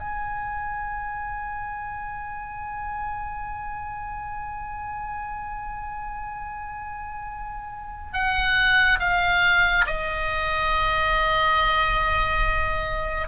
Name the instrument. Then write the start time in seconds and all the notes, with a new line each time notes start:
oboe
0.00 G#5
8.14 F#5
9.00 F5
9.87 D#5